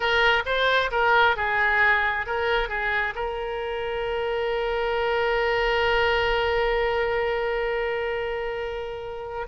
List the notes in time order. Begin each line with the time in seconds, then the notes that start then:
0.00 A#4
0.45 C5
0.91 A#4
1.36 G#4
2.26 A#4
2.68 G#4
3.15 A#4